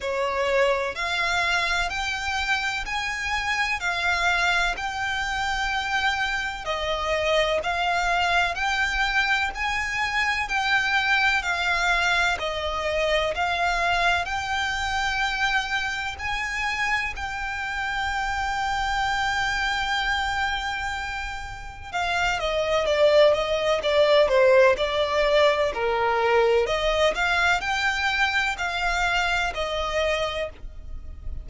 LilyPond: \new Staff \with { instrumentName = "violin" } { \time 4/4 \tempo 4 = 63 cis''4 f''4 g''4 gis''4 | f''4 g''2 dis''4 | f''4 g''4 gis''4 g''4 | f''4 dis''4 f''4 g''4~ |
g''4 gis''4 g''2~ | g''2. f''8 dis''8 | d''8 dis''8 d''8 c''8 d''4 ais'4 | dis''8 f''8 g''4 f''4 dis''4 | }